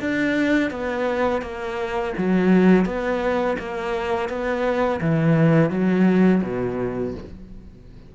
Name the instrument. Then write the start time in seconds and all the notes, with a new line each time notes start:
cello
0.00 D4
0.70 B3
1.42 A#3
2.18 F#3
2.85 B3
3.58 A#3
4.29 B3
5.01 E3
5.70 F#3
6.43 B2